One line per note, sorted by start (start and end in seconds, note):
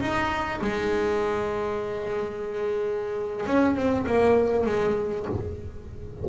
0.00 0.60 D#4
0.61 3.46 G#3
3.46 3.76 C#4
3.76 4.06 C4
4.06 4.66 A#3
4.66 5.26 G#3